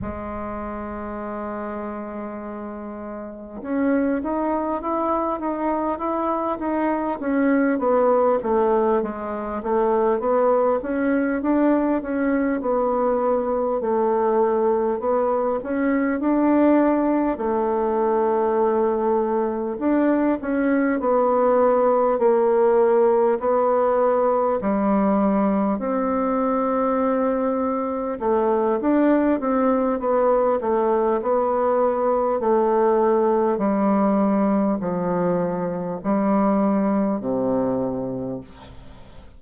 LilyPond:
\new Staff \with { instrumentName = "bassoon" } { \time 4/4 \tempo 4 = 50 gis2. cis'8 dis'8 | e'8 dis'8 e'8 dis'8 cis'8 b8 a8 gis8 | a8 b8 cis'8 d'8 cis'8 b4 a8~ | a8 b8 cis'8 d'4 a4.~ |
a8 d'8 cis'8 b4 ais4 b8~ | b8 g4 c'2 a8 | d'8 c'8 b8 a8 b4 a4 | g4 f4 g4 c4 | }